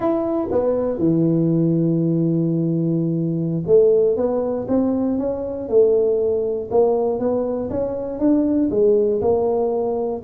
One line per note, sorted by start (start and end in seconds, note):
0.00 0.48 E4
0.51 0.98 B3
0.98 3.63 E3
3.66 4.16 A3
4.16 4.67 B3
4.68 5.18 C4
5.18 5.68 C#4
5.68 6.69 A3
6.71 7.19 A#3
7.19 7.69 B3
7.70 8.19 C#4
8.19 8.69 D4
8.70 9.20 G#3
9.21 10.22 A#3